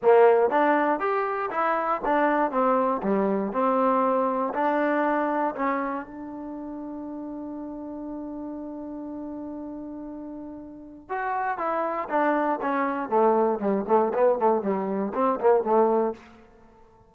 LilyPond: \new Staff \with { instrumentName = "trombone" } { \time 4/4 \tempo 4 = 119 ais4 d'4 g'4 e'4 | d'4 c'4 g4 c'4~ | c'4 d'2 cis'4 | d'1~ |
d'1~ | d'2 fis'4 e'4 | d'4 cis'4 a4 g8 a8 | b8 a8 g4 c'8 ais8 a4 | }